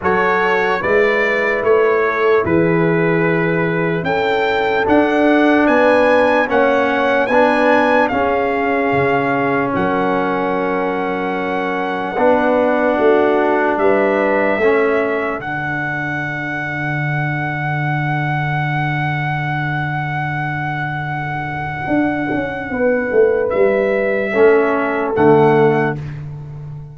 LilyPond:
<<
  \new Staff \with { instrumentName = "trumpet" } { \time 4/4 \tempo 4 = 74 cis''4 d''4 cis''4 b'4~ | b'4 g''4 fis''4 gis''4 | fis''4 gis''4 f''2 | fis''1~ |
fis''4 e''2 fis''4~ | fis''1~ | fis''1~ | fis''4 e''2 fis''4 | }
  \new Staff \with { instrumentName = "horn" } { \time 4/4 a'4 b'4. a'8 gis'4~ | gis'4 a'2 b'4 | cis''4 b'4 gis'2 | ais'2. b'4 |
fis'4 b'4 a'2~ | a'1~ | a'1 | b'2 a'2 | }
  \new Staff \with { instrumentName = "trombone" } { \time 4/4 fis'4 e'2.~ | e'2 d'2 | cis'4 d'4 cis'2~ | cis'2. d'4~ |
d'2 cis'4 d'4~ | d'1~ | d'1~ | d'2 cis'4 a4 | }
  \new Staff \with { instrumentName = "tuba" } { \time 4/4 fis4 gis4 a4 e4~ | e4 cis'4 d'4 b4 | ais4 b4 cis'4 cis4 | fis2. b4 |
a4 g4 a4 d4~ | d1~ | d2. d'8 cis'8 | b8 a8 g4 a4 d4 | }
>>